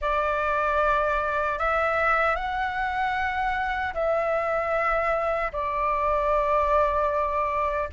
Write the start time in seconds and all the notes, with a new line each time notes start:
0.01 D5
1.58 E5
2.35 F#5
3.93 E5
5.52 D5